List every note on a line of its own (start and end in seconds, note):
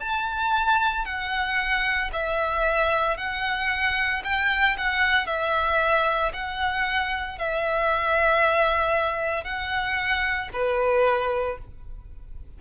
0.00 1.05 A5
1.05 2.11 F#5
2.13 3.17 E5
3.17 4.22 F#5
4.24 4.77 G5
4.78 5.27 F#5
5.27 6.32 E5
6.33 7.38 F#5
7.38 9.44 E5
9.44 10.49 F#5
10.53 11.58 B4